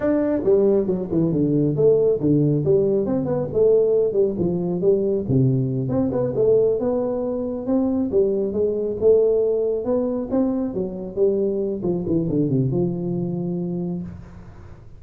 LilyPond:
\new Staff \with { instrumentName = "tuba" } { \time 4/4 \tempo 4 = 137 d'4 g4 fis8 e8 d4 | a4 d4 g4 c'8 b8 | a4. g8 f4 g4 | c4. c'8 b8 a4 b8~ |
b4. c'4 g4 gis8~ | gis8 a2 b4 c'8~ | c'8 fis4 g4. f8 e8 | d8 c8 f2. | }